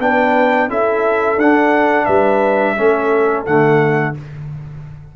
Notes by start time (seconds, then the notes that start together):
0.00 B3 D4 B4 G5
0.69 C#4 E4 A4 E5
1.37 D4 F#5
2.06 G3 B4 E5
2.77 A3 C#4 A4
3.46 D3 A3 F#5